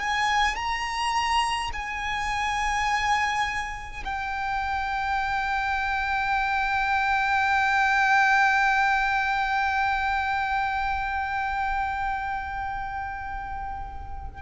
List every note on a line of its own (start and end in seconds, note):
0.00 0.56 G#5
0.56 1.71 A#5
1.73 4.04 G#5
4.05 14.42 G5